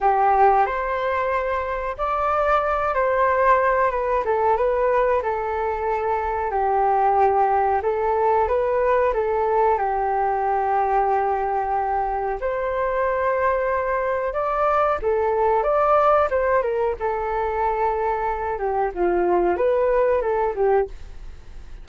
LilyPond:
\new Staff \with { instrumentName = "flute" } { \time 4/4 \tempo 4 = 92 g'4 c''2 d''4~ | d''8 c''4. b'8 a'8 b'4 | a'2 g'2 | a'4 b'4 a'4 g'4~ |
g'2. c''4~ | c''2 d''4 a'4 | d''4 c''8 ais'8 a'2~ | a'8 g'8 f'4 b'4 a'8 g'8 | }